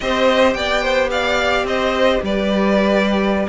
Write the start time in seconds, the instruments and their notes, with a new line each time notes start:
0.00 cello C4, viola G4, violin C5 D#5
0.53 cello B3, violin D5 G5
0.82 violin C5
1.10 violin D5 F5
1.63 cello C4, violin C5 D#5
2.22 cello G3, violin B4 D5